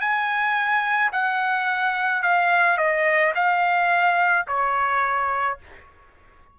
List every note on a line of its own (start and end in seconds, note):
0.00 1.11 G#5
1.13 2.23 F#5
2.23 2.78 F5
2.78 3.33 D#5
3.35 4.46 F5
4.47 5.59 C#5